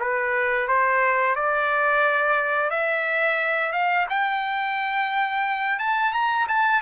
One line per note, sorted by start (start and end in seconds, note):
0.00 0.68 B4
0.68 1.35 C5
1.35 2.70 D5
2.70 3.73 E5
3.73 4.07 F5
4.09 5.79 G5
5.79 6.13 A5
6.13 6.47 A#5
6.48 6.82 A5